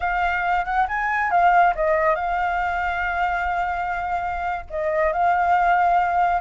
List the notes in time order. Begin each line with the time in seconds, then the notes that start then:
0.00 F5
0.65 F#5
0.88 G#5
1.30 F5
1.75 D#5
2.15 F5
4.70 D#5
5.12 F5